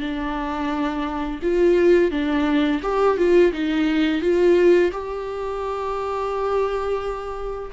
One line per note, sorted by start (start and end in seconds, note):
0.00 1.40 D4
1.42 2.11 F4
2.11 2.80 D4
2.83 3.17 G4
3.17 3.52 F4
3.52 4.21 D#4
4.21 4.91 F4
4.92 7.71 G4